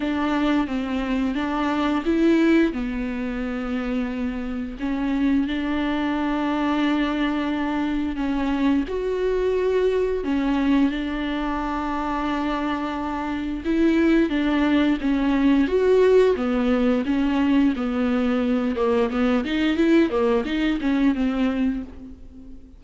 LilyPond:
\new Staff \with { instrumentName = "viola" } { \time 4/4 \tempo 4 = 88 d'4 c'4 d'4 e'4 | b2. cis'4 | d'1 | cis'4 fis'2 cis'4 |
d'1 | e'4 d'4 cis'4 fis'4 | b4 cis'4 b4. ais8 | b8 dis'8 e'8 ais8 dis'8 cis'8 c'4 | }